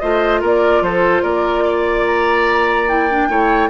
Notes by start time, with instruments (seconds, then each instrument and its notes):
0.00 bassoon A3, clarinet F4, oboe C5, flute D#5
0.42 bassoon A#3, oboe A#4, flute D5
0.82 bassoon F3, oboe A4, flute C5
1.23 bassoon A#3, oboe A#4, flute D5
1.65 oboe D5
2.07 flute A#5
2.89 clarinet E4, flute G5
3.11 clarinet D4
3.29 bassoon A3, clarinet E4, oboe C#5